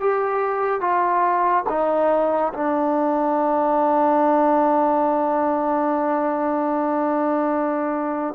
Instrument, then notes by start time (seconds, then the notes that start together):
trombone
0.00 G4
0.81 F4
1.69 D#4
2.54 D4